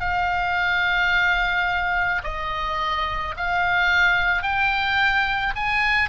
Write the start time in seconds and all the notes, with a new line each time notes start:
0.00 F5
2.23 D#5
3.37 F5
4.42 G5
5.56 G#5